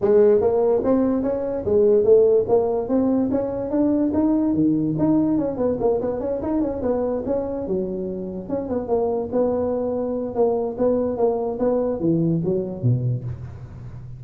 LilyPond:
\new Staff \with { instrumentName = "tuba" } { \time 4/4 \tempo 4 = 145 gis4 ais4 c'4 cis'4 | gis4 a4 ais4 c'4 | cis'4 d'4 dis'4 dis4 | dis'4 cis'8 b8 ais8 b8 cis'8 dis'8 |
cis'8 b4 cis'4 fis4.~ | fis8 cis'8 b8 ais4 b4.~ | b4 ais4 b4 ais4 | b4 e4 fis4 b,4 | }